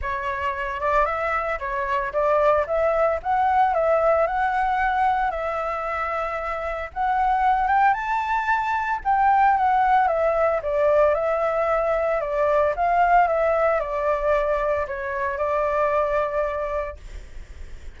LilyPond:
\new Staff \with { instrumentName = "flute" } { \time 4/4 \tempo 4 = 113 cis''4. d''8 e''4 cis''4 | d''4 e''4 fis''4 e''4 | fis''2 e''2~ | e''4 fis''4. g''8 a''4~ |
a''4 g''4 fis''4 e''4 | d''4 e''2 d''4 | f''4 e''4 d''2 | cis''4 d''2. | }